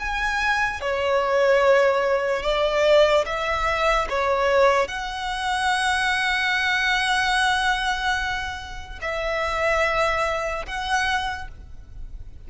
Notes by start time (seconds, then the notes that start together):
0.00 G#5
0.82 C#5
2.43 D5
3.26 E5
4.10 C#5
4.88 F#5
9.02 E5
10.67 F#5